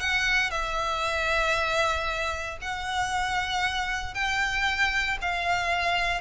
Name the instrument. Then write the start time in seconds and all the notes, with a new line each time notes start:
violin
0.00 F#5
0.51 E5
2.61 F#5
4.14 G5
5.21 F5